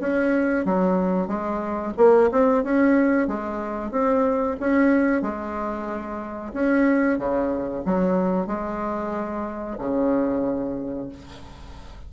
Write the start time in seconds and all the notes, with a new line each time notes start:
0.00 C#4
0.65 F#3
1.28 G#3
1.97 A#3
2.32 C4
2.64 C#4
3.27 G#3
3.91 C4
4.60 C#4
5.22 G#3
6.53 C#4
7.18 C#3
7.85 F#3
8.47 G#3
9.78 C#3